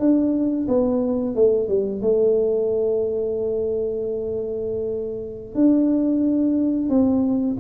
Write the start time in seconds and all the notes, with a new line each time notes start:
0.00 D4
0.68 B3
1.35 A3
1.69 G3
2.02 A3
5.55 D4
6.89 C4